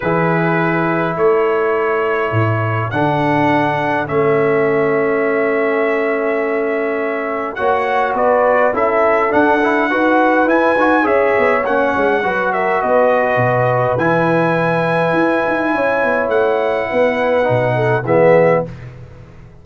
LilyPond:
<<
  \new Staff \with { instrumentName = "trumpet" } { \time 4/4 \tempo 4 = 103 b'2 cis''2~ | cis''4 fis''2 e''4~ | e''1~ | e''4 fis''4 d''4 e''4 |
fis''2 gis''4 e''4 | fis''4. e''8 dis''2 | gis''1 | fis''2. e''4 | }
  \new Staff \with { instrumentName = "horn" } { \time 4/4 gis'2 a'2~ | a'1~ | a'1~ | a'4 cis''4 b'4 a'4~ |
a'4 b'2 cis''4~ | cis''4 b'8 ais'8 b'2~ | b'2. cis''4~ | cis''4 b'4. a'8 gis'4 | }
  \new Staff \with { instrumentName = "trombone" } { \time 4/4 e'1~ | e'4 d'2 cis'4~ | cis'1~ | cis'4 fis'2 e'4 |
d'8 e'8 fis'4 e'8 fis'8 gis'4 | cis'4 fis'2. | e'1~ | e'2 dis'4 b4 | }
  \new Staff \with { instrumentName = "tuba" } { \time 4/4 e2 a2 | a,4 d2 a4~ | a1~ | a4 ais4 b4 cis'4 |
d'4 dis'4 e'8 dis'8 cis'8 b8 | ais8 gis8 fis4 b4 b,4 | e2 e'8 dis'8 cis'8 b8 | a4 b4 b,4 e4 | }
>>